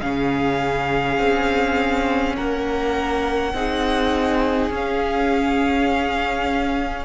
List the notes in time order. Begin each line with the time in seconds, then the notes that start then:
0.00 C#3 C#4 G#4 F5
1.18 C4
2.36 A#3 A#4 F#5
3.53 C4 D#4 G#4
4.70 C#4 F5